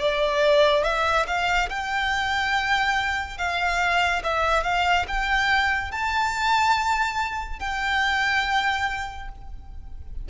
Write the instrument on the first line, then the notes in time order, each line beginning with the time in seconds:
violin
0.00 D5
0.84 E5
1.27 F5
1.69 G5
3.38 F5
4.24 E5
4.64 F5
5.08 G5
5.92 A5
7.60 G5